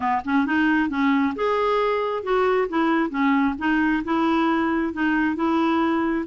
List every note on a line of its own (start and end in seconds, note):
0.00 0.22 B3
0.24 0.46 C#4
0.46 0.89 D#4
0.89 1.34 C#4
1.35 2.23 G#4
2.23 2.67 F#4
2.69 3.10 E4
3.10 3.55 C#4
3.58 4.03 D#4
4.04 4.93 E4
4.93 5.35 D#4
5.35 6.25 E4